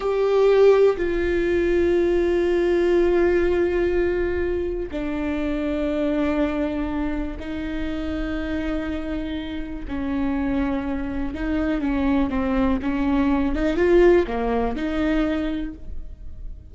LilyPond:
\new Staff \with { instrumentName = "viola" } { \time 4/4 \tempo 4 = 122 g'2 f'2~ | f'1~ | f'2 d'2~ | d'2. dis'4~ |
dis'1 | cis'2. dis'4 | cis'4 c'4 cis'4. dis'8 | f'4 ais4 dis'2 | }